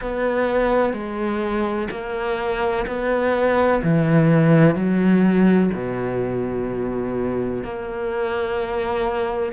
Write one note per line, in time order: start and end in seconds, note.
0.01 0.93 B3
0.93 1.88 G#3
1.90 2.86 A#3
2.86 3.81 B3
3.83 4.74 E3
4.74 5.70 F#3
5.73 7.63 B2
7.63 9.52 A#3